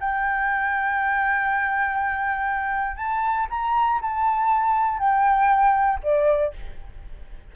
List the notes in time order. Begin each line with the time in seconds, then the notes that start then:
0.00 G5
2.96 A5
3.50 A#5
4.01 A5
4.98 G5
6.03 D5